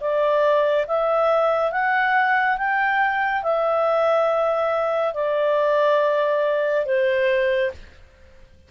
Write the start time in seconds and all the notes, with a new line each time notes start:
0.00 D5
0.87 E5
1.71 F#5
2.57 G5
3.42 E5
5.14 D5
6.85 C5